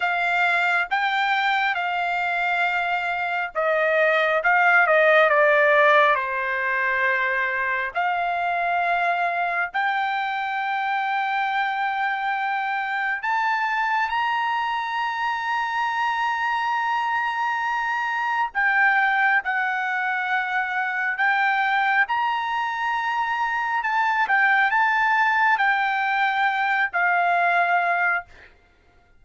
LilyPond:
\new Staff \with { instrumentName = "trumpet" } { \time 4/4 \tempo 4 = 68 f''4 g''4 f''2 | dis''4 f''8 dis''8 d''4 c''4~ | c''4 f''2 g''4~ | g''2. a''4 |
ais''1~ | ais''4 g''4 fis''2 | g''4 ais''2 a''8 g''8 | a''4 g''4. f''4. | }